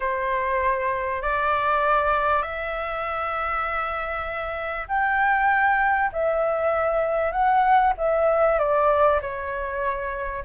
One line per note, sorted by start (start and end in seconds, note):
0.00 1.21 C5
1.21 2.42 D5
2.42 4.87 E5
4.88 6.10 G5
6.12 7.32 E5
7.32 7.93 F#5
7.97 8.59 E5
8.59 9.20 D5
9.21 10.44 C#5